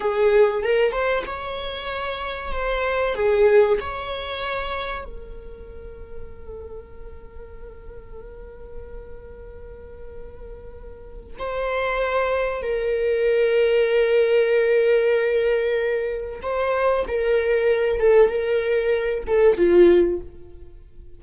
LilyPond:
\new Staff \with { instrumentName = "viola" } { \time 4/4 \tempo 4 = 95 gis'4 ais'8 c''8 cis''2 | c''4 gis'4 cis''2 | ais'1~ | ais'1~ |
ais'2 c''2 | ais'1~ | ais'2 c''4 ais'4~ | ais'8 a'8 ais'4. a'8 f'4 | }